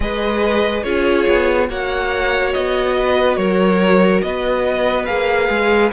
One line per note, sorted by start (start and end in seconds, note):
0.00 0.84 G#3
0.00 0.82 G#4
0.00 0.84 B4
0.00 0.83 D#5
0.83 1.27 C#4
0.83 1.68 F4
0.83 1.68 G#4
0.83 1.67 C#5
1.28 1.69 B3
1.68 2.53 A#3
1.68 5.06 F#4
1.68 2.95 C#5
1.68 2.53 F#5
2.53 3.37 B3
2.53 3.36 D#5
2.97 3.39 B4
3.36 4.21 F#3
3.36 4.23 A#4
3.36 4.21 C#5
4.21 5.07 B3
4.21 5.92 B4
4.21 5.05 D#5
5.05 5.49 A#3
5.05 5.90 G#4
5.05 5.89 F5
5.49 5.91 G#3